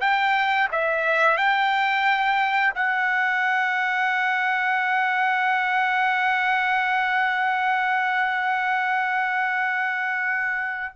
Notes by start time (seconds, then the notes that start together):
0.00 G5
0.71 E5
1.37 G5
2.75 F#5